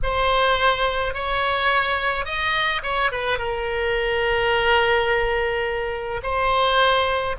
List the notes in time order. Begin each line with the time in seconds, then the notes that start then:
0.03 C5
1.13 C#5
2.25 D#5
2.82 C#5
3.11 B4
3.38 A#4
6.22 C5